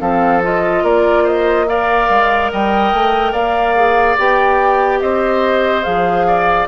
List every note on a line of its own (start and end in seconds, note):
0.00 0.83 F3
0.00 0.42 C4
0.00 0.84 A4
0.00 0.42 F5
0.42 1.67 F4
0.42 0.85 D#5
0.83 2.08 A#3
0.83 1.23 A#4
0.83 1.26 D5
1.23 1.65 C5
1.23 1.68 D#5
1.68 3.76 A#4
1.68 2.52 D5
1.68 2.51 F5
2.09 2.51 G#3
2.52 2.93 G3
2.52 3.32 D#5
2.52 3.33 G5
2.93 3.32 A3
3.32 4.16 A#3
3.32 4.99 D5
3.32 4.16 F5
3.76 4.17 G#4
4.18 5.01 B3
4.18 5.83 G4
4.18 5.00 G5
5.00 5.84 C4
5.00 6.26 C5
5.00 5.83 D#5
5.83 6.68 F3
5.83 6.66 G#4
5.83 6.66 F5
6.27 6.68 D5